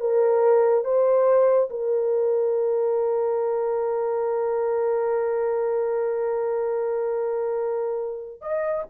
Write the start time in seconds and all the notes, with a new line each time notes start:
0.00 A#4
0.85 C5
1.70 A#4
8.41 D#5